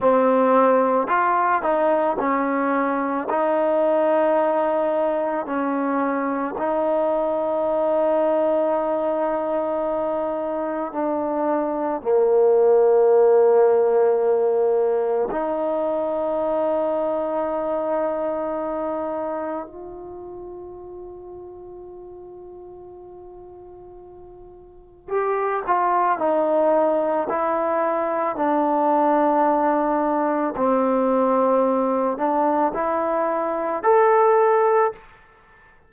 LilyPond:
\new Staff \with { instrumentName = "trombone" } { \time 4/4 \tempo 4 = 55 c'4 f'8 dis'8 cis'4 dis'4~ | dis'4 cis'4 dis'2~ | dis'2 d'4 ais4~ | ais2 dis'2~ |
dis'2 f'2~ | f'2. g'8 f'8 | dis'4 e'4 d'2 | c'4. d'8 e'4 a'4 | }